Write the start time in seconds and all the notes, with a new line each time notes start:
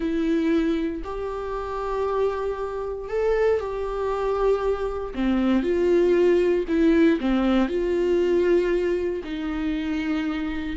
0.00 E4
1.03 G4
3.09 A4
3.59 G4
5.14 C4
5.62 F4
6.68 E4
7.20 C4
7.68 F4
9.24 D#4